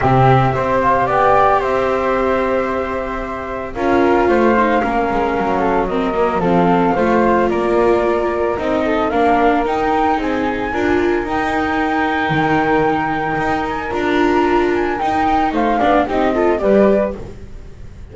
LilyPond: <<
  \new Staff \with { instrumentName = "flute" } { \time 4/4 \tempo 4 = 112 e''4. f''8 g''4 e''4~ | e''2. f''4~ | f''2. dis''4 | f''2 d''2 |
dis''4 f''4 g''4 gis''4~ | gis''4 g''2.~ | g''4. gis''8 ais''4. gis''8 | g''4 f''4 dis''4 d''4 | }
  \new Staff \with { instrumentName = "flute" } { \time 4/4 g'4 c''4 d''4 c''4~ | c''2. ais'4 | c''4 ais'4. a'8 ais'4 | a'4 c''4 ais'2~ |
ais'8 a'8 ais'2 gis'4 | ais'1~ | ais'1~ | ais'4 c''8 d''8 g'8 a'8 b'4 | }
  \new Staff \with { instrumentName = "viola" } { \time 4/4 c'4 g'2.~ | g'2. f'4~ | f'8 dis'8 cis'2 c'8 ais8 | c'4 f'2. |
dis'4 d'4 dis'2 | f'4 dis'2.~ | dis'2 f'2 | dis'4. d'8 dis'8 f'8 g'4 | }
  \new Staff \with { instrumentName = "double bass" } { \time 4/4 c4 c'4 b4 c'4~ | c'2. cis'4 | a4 ais8 gis8 fis2 | f4 a4 ais2 |
c'4 ais4 dis'4 c'4 | d'4 dis'2 dis4~ | dis4 dis'4 d'2 | dis'4 a8 b8 c'4 g4 | }
>>